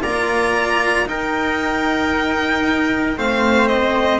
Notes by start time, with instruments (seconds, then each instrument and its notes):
0.00 double bass A#3, cello F4, trumpet D5, violin A#5
1.05 cello D#4, double bass D#4, trumpet A#4, violin G5
3.17 double bass A3, cello C4, trumpet C5, violin F5
3.67 violin D#5